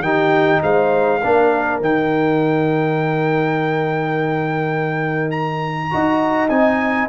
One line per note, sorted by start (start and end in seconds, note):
0.00 0.59 D#3
0.00 1.22 D#4
0.00 0.62 G4
0.00 0.61 G5
0.63 1.22 G#3
0.63 1.20 C5
0.63 1.81 F5
1.20 1.81 A#3
1.20 1.82 D4
1.20 5.91 A#4
1.81 5.93 D#3
1.81 5.91 D#4
1.81 5.31 G5
5.31 6.49 A#5
5.91 6.50 D#4
5.91 6.50 F#4
5.91 7.09 D#5
6.49 7.09 C4
6.49 7.09 D#4
6.49 7.08 G#5